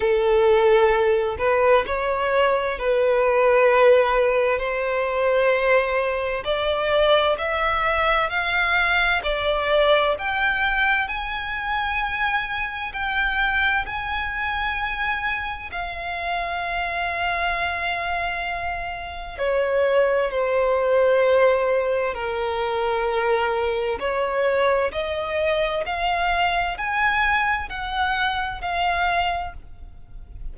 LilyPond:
\new Staff \with { instrumentName = "violin" } { \time 4/4 \tempo 4 = 65 a'4. b'8 cis''4 b'4~ | b'4 c''2 d''4 | e''4 f''4 d''4 g''4 | gis''2 g''4 gis''4~ |
gis''4 f''2.~ | f''4 cis''4 c''2 | ais'2 cis''4 dis''4 | f''4 gis''4 fis''4 f''4 | }